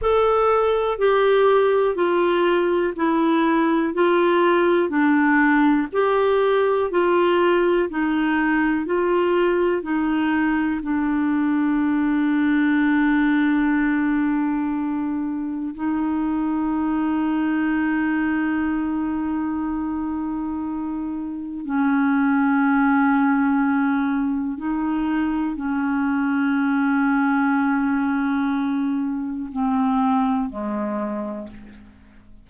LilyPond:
\new Staff \with { instrumentName = "clarinet" } { \time 4/4 \tempo 4 = 61 a'4 g'4 f'4 e'4 | f'4 d'4 g'4 f'4 | dis'4 f'4 dis'4 d'4~ | d'1 |
dis'1~ | dis'2 cis'2~ | cis'4 dis'4 cis'2~ | cis'2 c'4 gis4 | }